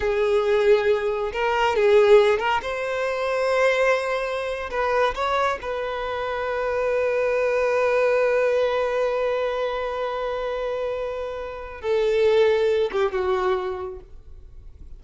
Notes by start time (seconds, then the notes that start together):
0.00 G#4
1.32 A#4
1.76 G#4
2.38 A#4
2.62 C5
4.70 B4
5.15 C#5
5.61 B4
11.81 A4
12.91 G4
13.12 F#4